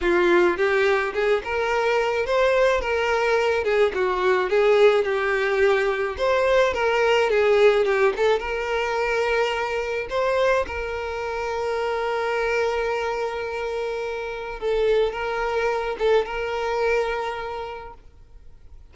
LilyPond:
\new Staff \with { instrumentName = "violin" } { \time 4/4 \tempo 4 = 107 f'4 g'4 gis'8 ais'4. | c''4 ais'4. gis'8 fis'4 | gis'4 g'2 c''4 | ais'4 gis'4 g'8 a'8 ais'4~ |
ais'2 c''4 ais'4~ | ais'1~ | ais'2 a'4 ais'4~ | ais'8 a'8 ais'2. | }